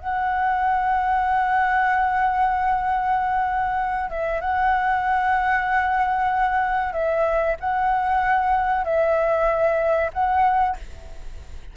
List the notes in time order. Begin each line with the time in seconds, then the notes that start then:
0.00 F#5
4.11 E5
4.41 F#5
6.93 E5
7.60 F#5
8.84 E5
10.13 F#5